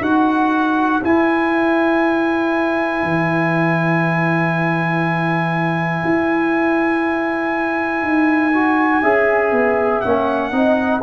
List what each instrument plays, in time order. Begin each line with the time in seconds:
0.00 tuba D#4, trombone F#4, horn B4, trumpet F#5
1.02 trombone E4, tuba E4, trumpet G#5
3.02 tuba E3
6.04 tuba E4
8.02 tuba D#4
8.53 trombone F#4
9.02 tuba C#4, trombone G#4, horn E5
9.51 tuba B3
10.00 tuba A#3, trombone C#4, trumpet F#5
10.51 tuba C4, trombone D#4, horn D#5